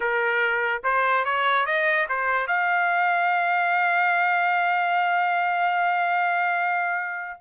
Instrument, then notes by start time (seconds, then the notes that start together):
trumpet
0.00 A#4
0.83 C5
1.24 C#5
1.66 D#5
2.08 C5
2.47 F5